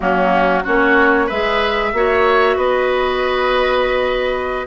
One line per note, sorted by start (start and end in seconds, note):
0.00 0.65 F#3
0.00 0.63 A#3
0.00 0.63 C#4
0.00 0.65 F#4
0.63 1.30 A#3
0.63 1.28 C#4
0.63 1.26 F#4
0.63 1.29 C#5
1.26 1.92 G#3
1.26 1.94 G#4
1.26 1.91 B4
1.26 2.58 E5
1.92 2.57 A#3
1.92 4.66 F#4
1.92 2.56 C#5
2.56 4.66 B3
2.56 4.66 B4
2.56 4.66 D#5